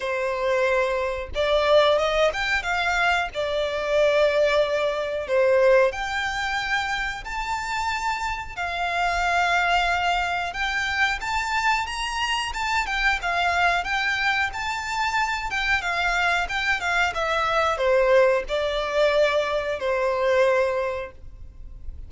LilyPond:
\new Staff \with { instrumentName = "violin" } { \time 4/4 \tempo 4 = 91 c''2 d''4 dis''8 g''8 | f''4 d''2. | c''4 g''2 a''4~ | a''4 f''2. |
g''4 a''4 ais''4 a''8 g''8 | f''4 g''4 a''4. g''8 | f''4 g''8 f''8 e''4 c''4 | d''2 c''2 | }